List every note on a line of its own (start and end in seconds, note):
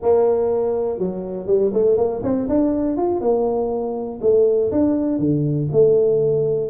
0.02 0.98 A#3
0.98 1.46 F#3
1.46 1.71 G3
1.73 1.97 A3
1.97 2.22 A#3
2.23 2.47 C4
2.48 2.96 D4
2.96 3.20 F4
3.20 4.19 A#3
4.21 4.71 A3
4.71 5.19 D4
5.19 5.68 D3
5.72 6.70 A3